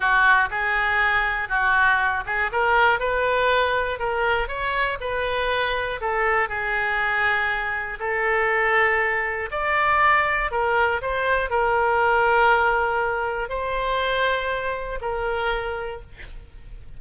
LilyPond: \new Staff \with { instrumentName = "oboe" } { \time 4/4 \tempo 4 = 120 fis'4 gis'2 fis'4~ | fis'8 gis'8 ais'4 b'2 | ais'4 cis''4 b'2 | a'4 gis'2. |
a'2. d''4~ | d''4 ais'4 c''4 ais'4~ | ais'2. c''4~ | c''2 ais'2 | }